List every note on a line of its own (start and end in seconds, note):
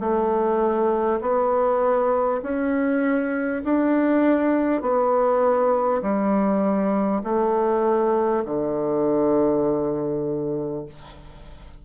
0.00 1.20 A3
1.21 2.41 B3
2.43 3.63 C#4
3.64 4.82 D4
4.82 6.02 B3
6.02 7.22 G3
7.23 8.43 A3
8.45 10.85 D3